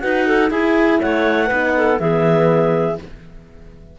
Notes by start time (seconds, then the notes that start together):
0.00 D#4 F#4 B4 F#5
0.27 A4
0.51 E4 G#4 G#5
1.01 A3 C#5 F#5
1.47 B3 D#4 B4
1.77 A4
1.99 E3 B3 G#4 E5